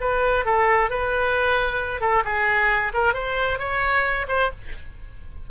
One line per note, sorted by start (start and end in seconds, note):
0.00 0.45 B4
0.45 0.90 A4
0.90 2.01 B4
2.01 2.23 A4
2.25 2.92 G#4
2.93 3.13 A#4
3.13 3.58 C5
3.58 4.26 C#5
4.28 4.50 C5